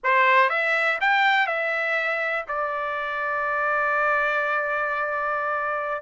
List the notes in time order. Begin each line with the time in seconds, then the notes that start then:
0.03 C5
0.49 E5
1.00 G5
1.46 E5
2.47 D5